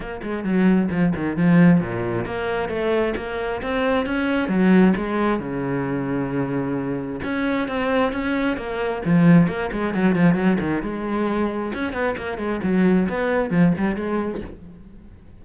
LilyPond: \new Staff \with { instrumentName = "cello" } { \time 4/4 \tempo 4 = 133 ais8 gis8 fis4 f8 dis8 f4 | ais,4 ais4 a4 ais4 | c'4 cis'4 fis4 gis4 | cis1 |
cis'4 c'4 cis'4 ais4 | f4 ais8 gis8 fis8 f8 fis8 dis8 | gis2 cis'8 b8 ais8 gis8 | fis4 b4 f8 g8 gis4 | }